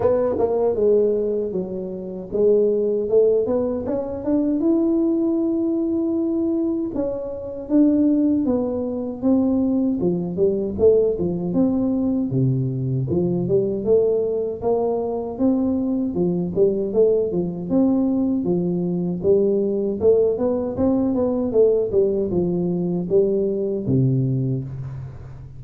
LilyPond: \new Staff \with { instrumentName = "tuba" } { \time 4/4 \tempo 4 = 78 b8 ais8 gis4 fis4 gis4 | a8 b8 cis'8 d'8 e'2~ | e'4 cis'4 d'4 b4 | c'4 f8 g8 a8 f8 c'4 |
c4 f8 g8 a4 ais4 | c'4 f8 g8 a8 f8 c'4 | f4 g4 a8 b8 c'8 b8 | a8 g8 f4 g4 c4 | }